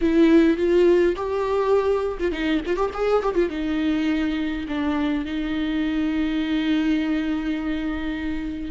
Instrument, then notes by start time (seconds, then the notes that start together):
viola
0.01 E4
0.57 F4
1.16 G4
2.19 F4
2.31 D#4
2.66 F4
2.76 G4
2.93 G#4
3.22 G4
3.35 F4
3.50 D#4
4.68 D4
5.25 D#4